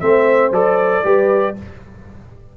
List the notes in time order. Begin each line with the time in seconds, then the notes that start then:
0.00 A3 C4 C5 E5
0.51 F#3 A4 D5
1.04 G3 G4 B4